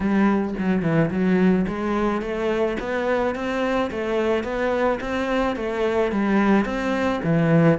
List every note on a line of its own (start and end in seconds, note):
0.00 0.54 G3
0.58 0.82 F#3
0.82 1.10 E3
1.10 1.65 F#3
1.67 2.21 G#3
2.21 2.77 A3
2.79 3.35 B3
3.35 3.90 C4
3.90 4.43 A3
4.43 4.99 B3
5.00 5.56 C4
5.56 6.11 A3
6.11 6.65 G3
6.65 7.20 C4
7.23 7.79 E3